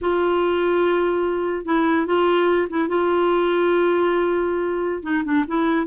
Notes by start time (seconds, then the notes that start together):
0.01 F4
1.65 E4
2.06 F4
2.69 E4
2.88 F4
5.02 D#4
5.24 D4
5.47 E4